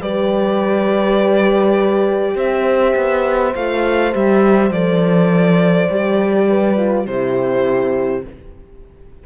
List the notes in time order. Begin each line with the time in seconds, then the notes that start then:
0.00 G3 G4 B4 D5
2.36 C4 C5 E5
2.96 B3
3.55 A3 F4 F5
4.12 G3 G4 E5
4.70 F3 A4 D5
5.90 G3 G4
6.49 B4
6.77 F4
7.06 C3 E4 G4 C5